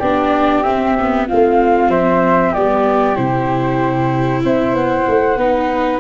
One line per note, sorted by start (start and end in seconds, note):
0.00 0.64 B3
0.00 0.64 D4
0.00 1.26 G4
0.00 0.63 D5
0.63 0.96 C4
0.63 1.29 C4
0.63 1.26 E5
0.99 1.29 B3
1.27 1.88 A3
1.27 2.55 C4
1.27 1.90 F4
1.27 1.91 F5
1.88 2.51 F3
1.88 2.52 C5
1.88 2.54 E5
2.52 3.17 G3
2.52 3.16 B3
2.52 4.41 G4
2.52 3.16 D5
3.16 4.44 C3
3.16 5.37 E4
3.16 4.42 C5
4.44 4.73 C4
4.44 5.38 C5
4.44 4.75 E5
4.73 5.05 B3
4.73 6.00 F#5
5.08 5.36 A3
5.36 5.99 B3
5.36 6.00 D#4
5.36 6.00 B4